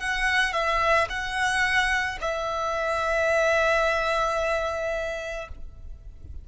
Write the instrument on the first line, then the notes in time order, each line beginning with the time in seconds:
violin
0.00 F#5
0.53 E5
1.10 F#5
2.21 E5